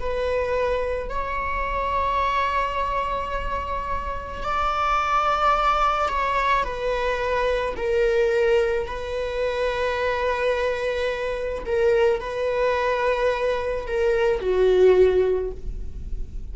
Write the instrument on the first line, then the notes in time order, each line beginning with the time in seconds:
viola
0.00 B4
1.09 C#5
4.42 D5
6.09 C#5
6.64 B4
7.76 A#4
8.86 B4
11.66 A#4
12.20 B4
13.87 A#4
14.40 F#4